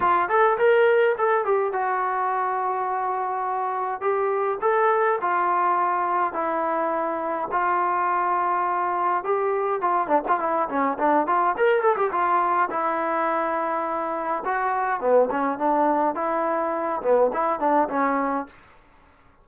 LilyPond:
\new Staff \with { instrumentName = "trombone" } { \time 4/4 \tempo 4 = 104 f'8 a'8 ais'4 a'8 g'8 fis'4~ | fis'2. g'4 | a'4 f'2 e'4~ | e'4 f'2. |
g'4 f'8 d'16 f'16 e'8 cis'8 d'8 f'8 | ais'8 a'16 g'16 f'4 e'2~ | e'4 fis'4 b8 cis'8 d'4 | e'4. b8 e'8 d'8 cis'4 | }